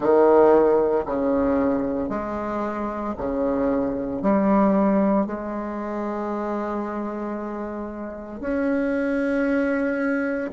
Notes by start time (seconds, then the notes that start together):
0.00 D#3
1.05 C#3
2.09 G#3
3.17 C#3
4.22 G3
5.26 G#3
8.40 C#4